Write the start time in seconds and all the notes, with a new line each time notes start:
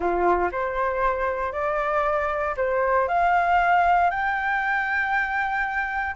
0.00 F4
0.51 C5
1.52 D5
2.56 C5
3.07 F5
4.10 G5